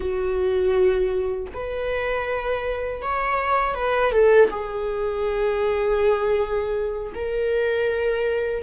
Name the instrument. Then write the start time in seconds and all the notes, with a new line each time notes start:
viola
0.00 F#4
1.53 B4
3.02 C#5
3.74 B4
4.11 A4
4.50 G#4
7.14 A#4